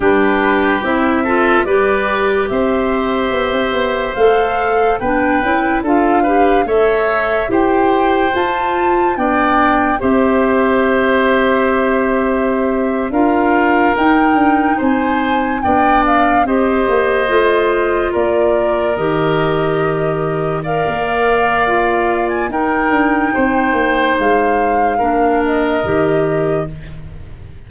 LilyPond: <<
  \new Staff \with { instrumentName = "flute" } { \time 4/4 \tempo 4 = 72 b'4 e''4 d''4 e''4~ | e''4 f''4 g''4 f''4 | e''4 g''4 a''4 g''4 | e''2.~ e''8. f''16~ |
f''8. g''4 gis''4 g''8 f''8 dis''16~ | dis''4.~ dis''16 d''4 dis''4~ dis''16~ | dis''8. f''2 gis''16 g''4~ | g''4 f''4. dis''4. | }
  \new Staff \with { instrumentName = "oboe" } { \time 4/4 g'4. a'8 b'4 c''4~ | c''2 b'4 a'8 b'8 | cis''4 c''2 d''4 | c''2.~ c''8. ais'16~ |
ais'4.~ ais'16 c''4 d''4 c''16~ | c''4.~ c''16 ais'2~ ais'16~ | ais'8. d''2~ d''16 ais'4 | c''2 ais'2 | }
  \new Staff \with { instrumentName = "clarinet" } { \time 4/4 d'4 e'8 f'8 g'2~ | g'4 a'4 d'8 e'8 f'8 g'8 | a'4 g'4 f'4 d'4 | g'2.~ g'8. f'16~ |
f'8. dis'2 d'4 g'16~ | g'8. f'2 g'4~ g'16~ | g'8. ais'4~ ais'16 f'4 dis'4~ | dis'2 d'4 g'4 | }
  \new Staff \with { instrumentName = "tuba" } { \time 4/4 g4 c'4 g4 c'4 | b16 c'16 b8 a4 b8 cis'8 d'4 | a4 e'4 f'4 b4 | c'2.~ c'8. d'16~ |
d'8. dis'8 d'8 c'4 b4 c'16~ | c'16 ais8 a4 ais4 dis4~ dis16~ | dis4 ais2 dis'8 d'8 | c'8 ais8 gis4 ais4 dis4 | }
>>